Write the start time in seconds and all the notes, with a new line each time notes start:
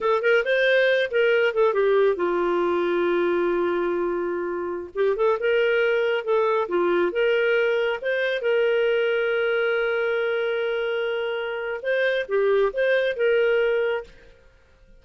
0.00 A4
0.22 A#4
0.44 C5
1.10 A#4
1.53 A4
1.73 G4
2.16 F4
4.94 G4
5.16 A4
5.39 A#4
6.24 A4
6.68 F4
7.11 A#4
8.01 C5
8.41 A#4
11.82 C5
12.28 G4
12.73 C5
13.16 A#4